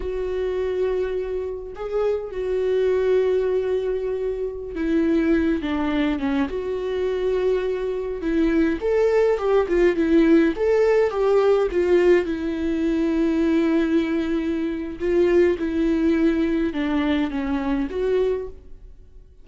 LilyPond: \new Staff \with { instrumentName = "viola" } { \time 4/4 \tempo 4 = 104 fis'2. gis'4 | fis'1~ | fis'16 e'4. d'4 cis'8 fis'8.~ | fis'2~ fis'16 e'4 a'8.~ |
a'16 g'8 f'8 e'4 a'4 g'8.~ | g'16 f'4 e'2~ e'8.~ | e'2 f'4 e'4~ | e'4 d'4 cis'4 fis'4 | }